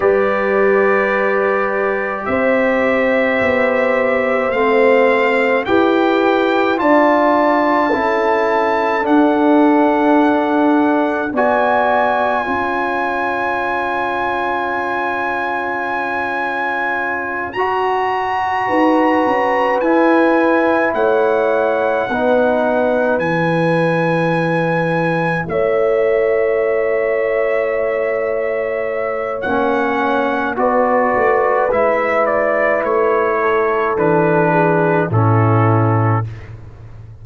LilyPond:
<<
  \new Staff \with { instrumentName = "trumpet" } { \time 4/4 \tempo 4 = 53 d''2 e''2 | f''4 g''4 a''2 | fis''2 gis''2~ | gis''2.~ gis''8 ais''8~ |
ais''4. gis''4 fis''4.~ | fis''8 gis''2 e''4.~ | e''2 fis''4 d''4 | e''8 d''8 cis''4 b'4 a'4 | }
  \new Staff \with { instrumentName = "horn" } { \time 4/4 b'2 c''2~ | c''4 b'4 d''4 a'4~ | a'2 d''4 cis''4~ | cis''1~ |
cis''8 b'2 cis''4 b'8~ | b'2~ b'8 cis''4.~ | cis''2. b'4~ | b'4. a'4 gis'8 e'4 | }
  \new Staff \with { instrumentName = "trombone" } { \time 4/4 g'1 | c'4 g'4 f'4 e'4 | d'2 fis'4 f'4~ | f'2.~ f'8 fis'8~ |
fis'4. e'2 dis'8~ | dis'8 e'2.~ e'8~ | e'2 cis'4 fis'4 | e'2 d'4 cis'4 | }
  \new Staff \with { instrumentName = "tuba" } { \time 4/4 g2 c'4 b4 | a4 e'4 d'4 cis'4 | d'2 b4 cis'4~ | cis'2.~ cis'8 fis'8~ |
fis'8 dis'8 cis'8 e'4 a4 b8~ | b8 e2 a4.~ | a2 ais4 b8 a8 | gis4 a4 e4 a,4 | }
>>